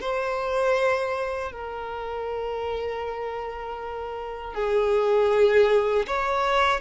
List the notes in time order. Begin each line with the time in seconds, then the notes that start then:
0.00 C5
1.51 A#4
4.54 G#4
6.07 C#5